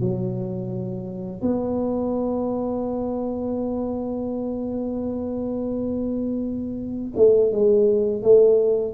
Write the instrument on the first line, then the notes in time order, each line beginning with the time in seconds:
tuba
0.00 F#3
1.42 B3
7.16 A3
7.52 G#3
8.22 A3